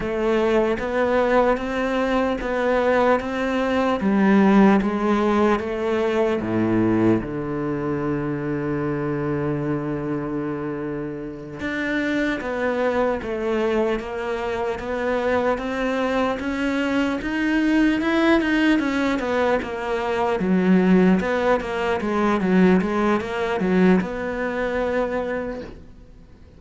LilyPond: \new Staff \with { instrumentName = "cello" } { \time 4/4 \tempo 4 = 75 a4 b4 c'4 b4 | c'4 g4 gis4 a4 | a,4 d2.~ | d2~ d8 d'4 b8~ |
b8 a4 ais4 b4 c'8~ | c'8 cis'4 dis'4 e'8 dis'8 cis'8 | b8 ais4 fis4 b8 ais8 gis8 | fis8 gis8 ais8 fis8 b2 | }